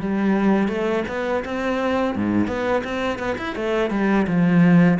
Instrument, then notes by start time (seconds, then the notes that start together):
cello
0.00 G3
0.68 A3
1.08 B3
1.45 C4
2.16 G#2
2.47 B3
2.84 C4
3.19 B3
3.38 E4
3.56 A3
3.91 G3
4.27 F3